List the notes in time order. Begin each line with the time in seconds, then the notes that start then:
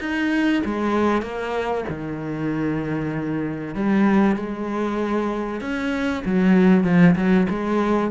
0.00 D#4
0.65 G#3
1.22 A#3
1.89 D#3
3.75 G3
4.36 G#3
5.61 C#4
6.25 F#3
6.84 F3
7.16 F#3
7.50 G#3